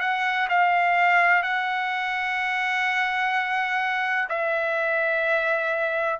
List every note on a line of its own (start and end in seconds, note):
0.00 0.48 F#5
0.49 1.42 F5
1.42 4.28 F#5
4.29 6.19 E5